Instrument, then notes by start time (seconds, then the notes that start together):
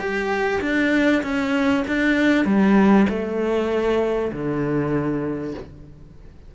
cello
0.00 G4
0.62 D4
1.23 C#4
1.88 D4
2.46 G3
3.09 A3
4.32 D3